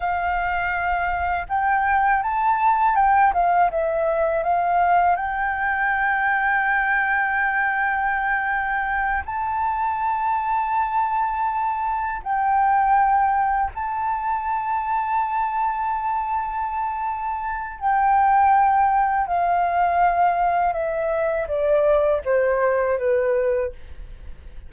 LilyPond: \new Staff \with { instrumentName = "flute" } { \time 4/4 \tempo 4 = 81 f''2 g''4 a''4 | g''8 f''8 e''4 f''4 g''4~ | g''1~ | g''8 a''2.~ a''8~ |
a''8 g''2 a''4.~ | a''1 | g''2 f''2 | e''4 d''4 c''4 b'4 | }